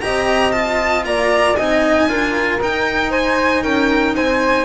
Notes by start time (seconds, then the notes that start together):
0.00 C4 G4 D#5 A#5
0.51 F4 A5
1.05 A#3 D5 A#5
1.56 C4 D#4 D#5 G#5
2.07 D4 F4 A#4
2.61 D#4 G5
3.10 C5 G#5
3.62 C#4 A#4 G5
4.15 C4 C5 G#5